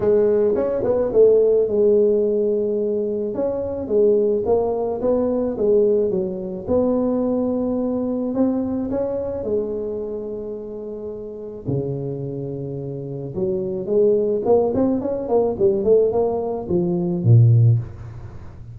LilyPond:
\new Staff \with { instrumentName = "tuba" } { \time 4/4 \tempo 4 = 108 gis4 cis'8 b8 a4 gis4~ | gis2 cis'4 gis4 | ais4 b4 gis4 fis4 | b2. c'4 |
cis'4 gis2.~ | gis4 cis2. | fis4 gis4 ais8 c'8 cis'8 ais8 | g8 a8 ais4 f4 ais,4 | }